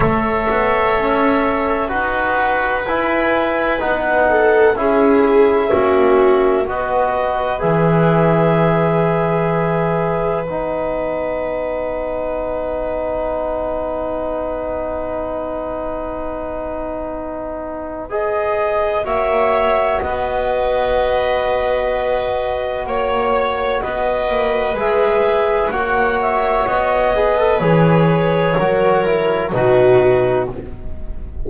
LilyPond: <<
  \new Staff \with { instrumentName = "clarinet" } { \time 4/4 \tempo 4 = 63 e''2 fis''4 gis''4 | fis''4 e''2 dis''4 | e''2. fis''4~ | fis''1~ |
fis''2. dis''4 | e''4 dis''2. | cis''4 dis''4 e''4 fis''8 e''8 | dis''4 cis''2 b'4 | }
  \new Staff \with { instrumentName = "viola" } { \time 4/4 cis''2 b'2~ | b'8 a'8 gis'4 fis'4 b'4~ | b'1~ | b'1~ |
b'1 | cis''4 b'2. | cis''4 b'2 cis''4~ | cis''8 b'4. ais'4 fis'4 | }
  \new Staff \with { instrumentName = "trombone" } { \time 4/4 a'2 fis'4 e'4 | dis'4 e'4 cis'4 fis'4 | gis'2. dis'4~ | dis'1~ |
dis'2. gis'4 | fis'1~ | fis'2 gis'4 fis'4~ | fis'8 gis'16 a'16 gis'4 fis'8 e'8 dis'4 | }
  \new Staff \with { instrumentName = "double bass" } { \time 4/4 a8 b8 cis'4 dis'4 e'4 | b4 cis'4 ais4 b4 | e2. b4~ | b1~ |
b1 | ais4 b2. | ais4 b8 ais8 gis4 ais4 | b4 e4 fis4 b,4 | }
>>